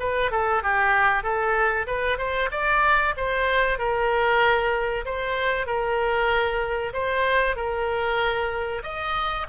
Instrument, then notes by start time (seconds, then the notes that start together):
oboe
0.00 B4
0.32 A4
0.63 G4
1.24 A4
1.87 B4
2.18 C5
2.52 D5
3.17 C5
3.79 A#4
5.06 C5
5.67 A#4
6.94 C5
7.56 A#4
8.84 D#5